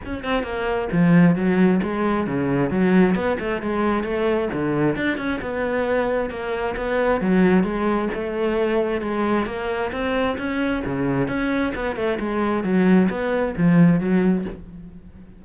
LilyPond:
\new Staff \with { instrumentName = "cello" } { \time 4/4 \tempo 4 = 133 cis'8 c'8 ais4 f4 fis4 | gis4 cis4 fis4 b8 a8 | gis4 a4 d4 d'8 cis'8 | b2 ais4 b4 |
fis4 gis4 a2 | gis4 ais4 c'4 cis'4 | cis4 cis'4 b8 a8 gis4 | fis4 b4 f4 fis4 | }